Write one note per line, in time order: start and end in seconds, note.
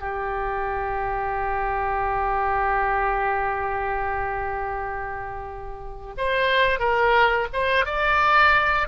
0.00 6.14 G4
6.17 6.79 C5
6.79 7.48 A#4
7.53 7.85 C5
7.85 8.88 D5